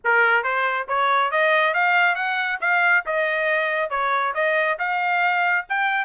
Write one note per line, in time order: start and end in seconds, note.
0.04 0.43 A#4
0.43 0.87 C5
0.87 1.31 C#5
1.31 1.74 D#5
1.74 2.15 F5
2.15 2.58 F#5
2.60 3.04 F5
3.06 3.90 D#5
3.90 4.33 C#5
4.34 4.77 D#5
4.78 5.65 F5
5.69 6.05 G5